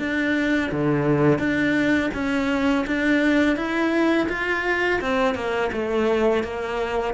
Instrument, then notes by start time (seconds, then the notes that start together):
cello
0.00 D4
0.72 D3
1.39 D4
2.15 C#4
2.87 D4
3.57 E4
4.30 F4
5.02 C4
5.35 A#3
5.73 A3
6.44 A#3